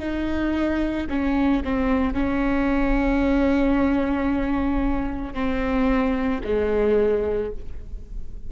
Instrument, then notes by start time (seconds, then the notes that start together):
viola
0.00 D#4
1.10 C#4
1.64 C4
2.14 C#4
5.34 C4
6.45 G#3